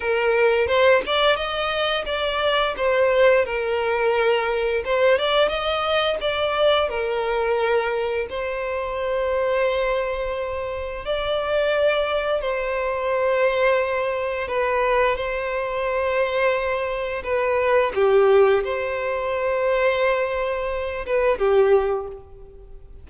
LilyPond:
\new Staff \with { instrumentName = "violin" } { \time 4/4 \tempo 4 = 87 ais'4 c''8 d''8 dis''4 d''4 | c''4 ais'2 c''8 d''8 | dis''4 d''4 ais'2 | c''1 |
d''2 c''2~ | c''4 b'4 c''2~ | c''4 b'4 g'4 c''4~ | c''2~ c''8 b'8 g'4 | }